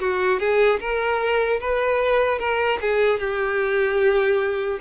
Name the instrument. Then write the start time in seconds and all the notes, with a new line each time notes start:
violin
0.00 F#4
0.40 G#4
0.80 A#4
1.60 B4
2.39 A#4
2.81 G#4
3.19 G4